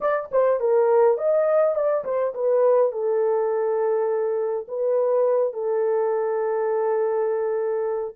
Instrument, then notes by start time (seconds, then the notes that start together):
horn
0.01 D5
0.31 C5
0.60 A#4
1.17 D#5
1.75 D5
2.04 C5
2.34 B4
2.92 A4
4.68 B4
5.53 A4